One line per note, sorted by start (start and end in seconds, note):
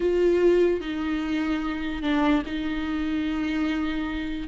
0.00 0.81 F4
0.81 2.02 D#4
2.02 2.43 D4
2.46 4.47 D#4